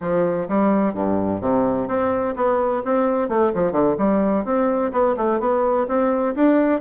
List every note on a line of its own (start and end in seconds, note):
0.00 0.47 F3
0.48 0.94 G3
0.94 1.40 G2
1.41 1.87 C3
1.87 2.34 C4
2.35 2.82 B3
2.84 3.28 C4
3.28 3.52 A3
3.54 3.72 F3
3.72 3.95 D3
3.98 4.44 G3
4.44 4.91 C4
4.92 5.15 B3
5.16 5.40 A3
5.40 5.87 B3
5.87 6.34 C4
6.35 6.80 D4